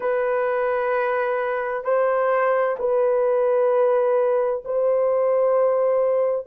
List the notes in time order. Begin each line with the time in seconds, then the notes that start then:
0.00 B4
1.84 C5
2.78 B4
4.64 C5